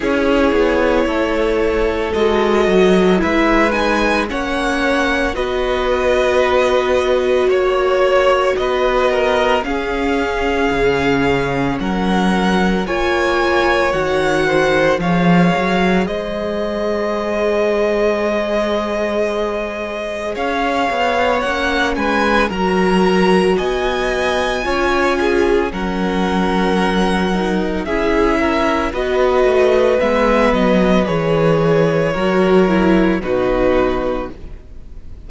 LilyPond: <<
  \new Staff \with { instrumentName = "violin" } { \time 4/4 \tempo 4 = 56 cis''2 dis''4 e''8 gis''8 | fis''4 dis''2 cis''4 | dis''4 f''2 fis''4 | gis''4 fis''4 f''4 dis''4~ |
dis''2. f''4 | fis''8 gis''8 ais''4 gis''2 | fis''2 e''4 dis''4 | e''8 dis''8 cis''2 b'4 | }
  \new Staff \with { instrumentName = "violin" } { \time 4/4 gis'4 a'2 b'4 | cis''4 b'2 cis''4 | b'8 ais'8 gis'2 ais'4 | cis''4. c''8 cis''4 c''4~ |
c''2. cis''4~ | cis''8 b'8 ais'4 dis''4 cis''8 gis'8 | ais'2 gis'8 ais'8 b'4~ | b'2 ais'4 fis'4 | }
  \new Staff \with { instrumentName = "viola" } { \time 4/4 e'2 fis'4 e'8 dis'8 | cis'4 fis'2.~ | fis'4 cis'2. | f'4 fis'4 gis'2~ |
gis'1 | cis'4 fis'2 f'4 | cis'4. dis'8 e'4 fis'4 | b4 gis'4 fis'8 e'8 dis'4 | }
  \new Staff \with { instrumentName = "cello" } { \time 4/4 cis'8 b8 a4 gis8 fis8 gis4 | ais4 b2 ais4 | b4 cis'4 cis4 fis4 | ais4 dis4 f8 fis8 gis4~ |
gis2. cis'8 b8 | ais8 gis8 fis4 b4 cis'4 | fis2 cis'4 b8 a8 | gis8 fis8 e4 fis4 b,4 | }
>>